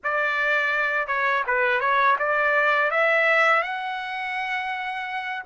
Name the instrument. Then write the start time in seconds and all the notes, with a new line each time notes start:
trumpet
0.03 D5
1.07 C#5
1.46 B4
1.80 C#5
2.19 D5
2.90 E5
3.62 F#5